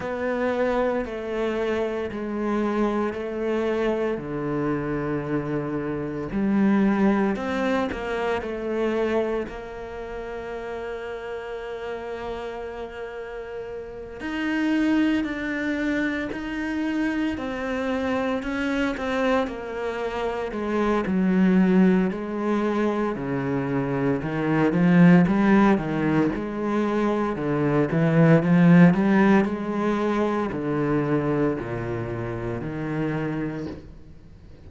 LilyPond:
\new Staff \with { instrumentName = "cello" } { \time 4/4 \tempo 4 = 57 b4 a4 gis4 a4 | d2 g4 c'8 ais8 | a4 ais2.~ | ais4. dis'4 d'4 dis'8~ |
dis'8 c'4 cis'8 c'8 ais4 gis8 | fis4 gis4 cis4 dis8 f8 | g8 dis8 gis4 d8 e8 f8 g8 | gis4 d4 ais,4 dis4 | }